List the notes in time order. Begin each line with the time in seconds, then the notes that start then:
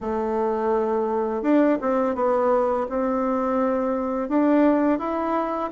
0.00 A3
1.42 D4
1.81 C4
2.15 B3
2.89 C4
4.29 D4
4.98 E4